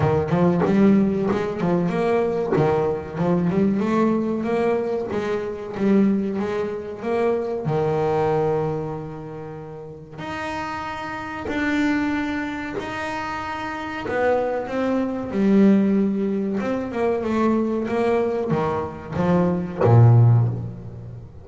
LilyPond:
\new Staff \with { instrumentName = "double bass" } { \time 4/4 \tempo 4 = 94 dis8 f8 g4 gis8 f8 ais4 | dis4 f8 g8 a4 ais4 | gis4 g4 gis4 ais4 | dis1 |
dis'2 d'2 | dis'2 b4 c'4 | g2 c'8 ais8 a4 | ais4 dis4 f4 ais,4 | }